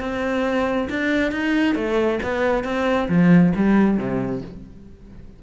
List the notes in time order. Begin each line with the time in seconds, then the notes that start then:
0.00 C4
0.90 D4
1.32 D#4
1.75 A3
2.23 B3
2.64 C4
3.09 F3
3.56 G3
3.97 C3